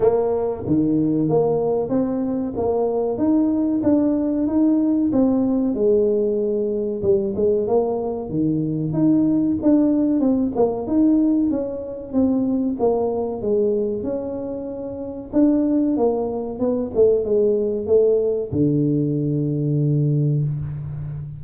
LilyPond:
\new Staff \with { instrumentName = "tuba" } { \time 4/4 \tempo 4 = 94 ais4 dis4 ais4 c'4 | ais4 dis'4 d'4 dis'4 | c'4 gis2 g8 gis8 | ais4 dis4 dis'4 d'4 |
c'8 ais8 dis'4 cis'4 c'4 | ais4 gis4 cis'2 | d'4 ais4 b8 a8 gis4 | a4 d2. | }